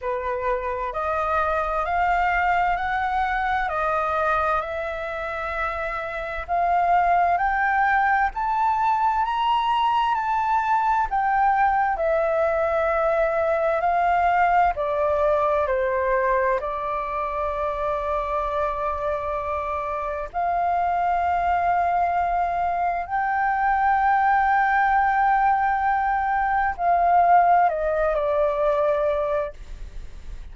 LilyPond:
\new Staff \with { instrumentName = "flute" } { \time 4/4 \tempo 4 = 65 b'4 dis''4 f''4 fis''4 | dis''4 e''2 f''4 | g''4 a''4 ais''4 a''4 | g''4 e''2 f''4 |
d''4 c''4 d''2~ | d''2 f''2~ | f''4 g''2.~ | g''4 f''4 dis''8 d''4. | }